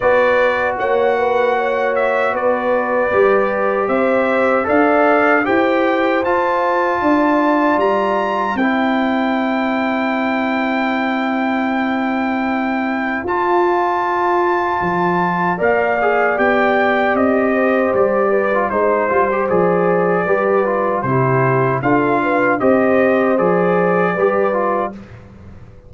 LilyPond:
<<
  \new Staff \with { instrumentName = "trumpet" } { \time 4/4 \tempo 4 = 77 d''4 fis''4. e''8 d''4~ | d''4 e''4 f''4 g''4 | a''2 ais''4 g''4~ | g''1~ |
g''4 a''2. | f''4 g''4 dis''4 d''4 | c''4 d''2 c''4 | f''4 dis''4 d''2 | }
  \new Staff \with { instrumentName = "horn" } { \time 4/4 b'4 cis''8 b'8 cis''4 b'4~ | b'4 c''4 d''4 c''4~ | c''4 d''2 c''4~ | c''1~ |
c''1 | d''2~ d''8 c''4 b'8 | c''2 b'4 g'4 | a'8 b'8 c''2 b'4 | }
  \new Staff \with { instrumentName = "trombone" } { \time 4/4 fis'1 | g'2 a'4 g'4 | f'2. e'4~ | e'1~ |
e'4 f'2. | ais'8 gis'8 g'2~ g'8. f'16 | dis'8 f'16 g'16 gis'4 g'8 f'8 e'4 | f'4 g'4 gis'4 g'8 f'8 | }
  \new Staff \with { instrumentName = "tuba" } { \time 4/4 b4 ais2 b4 | g4 c'4 d'4 e'4 | f'4 d'4 g4 c'4~ | c'1~ |
c'4 f'2 f4 | ais4 b4 c'4 g4 | gis8 g8 f4 g4 c4 | d'4 c'4 f4 g4 | }
>>